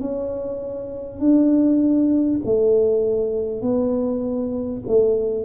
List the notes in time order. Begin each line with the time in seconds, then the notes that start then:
0.00 C#4
1.19 D4
2.44 A3
3.62 B3
4.87 A3